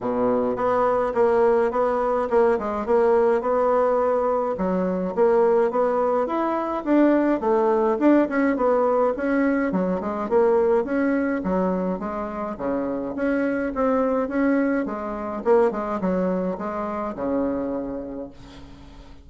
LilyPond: \new Staff \with { instrumentName = "bassoon" } { \time 4/4 \tempo 4 = 105 b,4 b4 ais4 b4 | ais8 gis8 ais4 b2 | fis4 ais4 b4 e'4 | d'4 a4 d'8 cis'8 b4 |
cis'4 fis8 gis8 ais4 cis'4 | fis4 gis4 cis4 cis'4 | c'4 cis'4 gis4 ais8 gis8 | fis4 gis4 cis2 | }